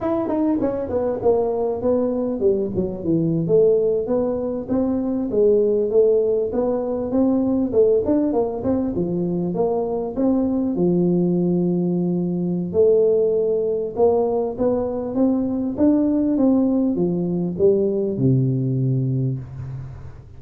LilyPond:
\new Staff \with { instrumentName = "tuba" } { \time 4/4 \tempo 4 = 99 e'8 dis'8 cis'8 b8 ais4 b4 | g8 fis8 e8. a4 b4 c'16~ | c'8. gis4 a4 b4 c'16~ | c'8. a8 d'8 ais8 c'8 f4 ais16~ |
ais8. c'4 f2~ f16~ | f4 a2 ais4 | b4 c'4 d'4 c'4 | f4 g4 c2 | }